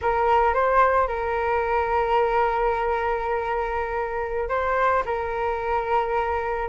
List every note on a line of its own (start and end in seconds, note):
0.01 0.54 A#4
0.54 1.07 C5
1.07 4.48 A#4
4.49 5.03 C5
5.05 6.68 A#4